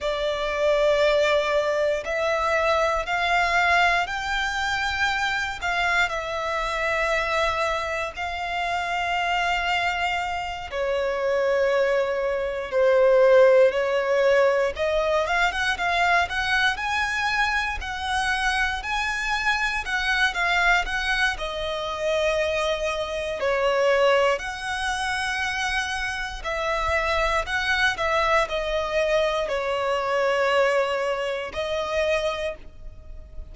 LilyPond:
\new Staff \with { instrumentName = "violin" } { \time 4/4 \tempo 4 = 59 d''2 e''4 f''4 | g''4. f''8 e''2 | f''2~ f''8 cis''4.~ | cis''8 c''4 cis''4 dis''8 f''16 fis''16 f''8 |
fis''8 gis''4 fis''4 gis''4 fis''8 | f''8 fis''8 dis''2 cis''4 | fis''2 e''4 fis''8 e''8 | dis''4 cis''2 dis''4 | }